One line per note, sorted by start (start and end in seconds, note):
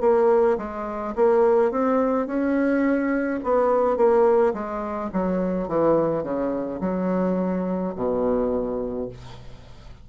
0.00 0.57 A#3
0.58 1.14 G#3
1.15 1.71 A#3
1.71 2.26 C4
2.26 3.40 C#4
3.43 3.96 B3
3.96 4.53 A#3
4.53 5.10 G#3
5.13 5.68 F#3
5.68 6.23 E3
6.23 6.80 C#3
6.80 7.93 F#3
7.95 9.08 B2